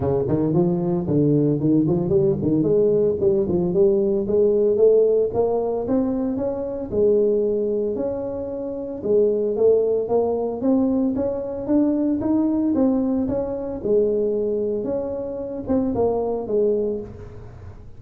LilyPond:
\new Staff \with { instrumentName = "tuba" } { \time 4/4 \tempo 4 = 113 cis8 dis8 f4 d4 dis8 f8 | g8 dis8 gis4 g8 f8 g4 | gis4 a4 ais4 c'4 | cis'4 gis2 cis'4~ |
cis'4 gis4 a4 ais4 | c'4 cis'4 d'4 dis'4 | c'4 cis'4 gis2 | cis'4. c'8 ais4 gis4 | }